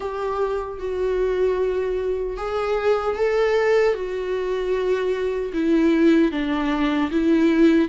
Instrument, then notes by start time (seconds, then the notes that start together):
viola
0.00 G4
0.79 F#4
2.37 G#4
3.15 A4
3.94 F#4
5.53 E4
6.31 D4
7.11 E4